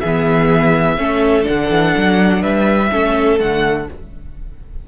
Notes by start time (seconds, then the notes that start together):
0.00 E3 B3 G#4 E5
0.98 A3 C#4 A4
1.43 D4 F#5
1.49 D3
1.70 E3
1.97 F#3
2.41 G3 B4 E5
2.92 A3 C#4 A4
3.39 D3 A3 F#5